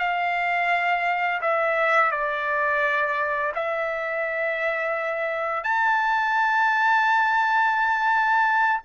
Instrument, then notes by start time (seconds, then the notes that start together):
trumpet
0.00 F5
1.41 E5
2.12 D5
3.55 E5
5.64 A5